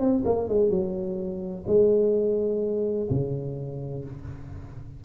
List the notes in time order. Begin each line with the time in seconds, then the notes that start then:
0.00 C4
0.25 A#3
0.49 G#3
0.70 F#3
1.67 G#3
3.10 C#3